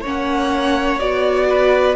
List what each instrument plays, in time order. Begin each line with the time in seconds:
0.00 cello A#3, viola C#4, violin C#5
0.06 violin F#5
0.99 cello B3, viola F#4, violin D5
1.49 violin B4